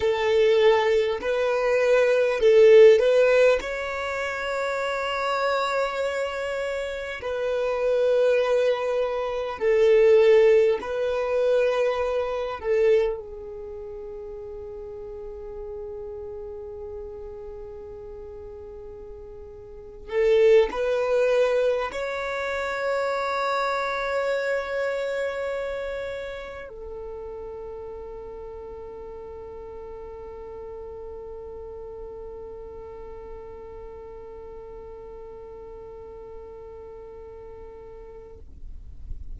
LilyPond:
\new Staff \with { instrumentName = "violin" } { \time 4/4 \tempo 4 = 50 a'4 b'4 a'8 b'8 cis''4~ | cis''2 b'2 | a'4 b'4. a'8 gis'4~ | gis'1~ |
gis'8. a'8 b'4 cis''4.~ cis''16~ | cis''2~ cis''16 a'4.~ a'16~ | a'1~ | a'1 | }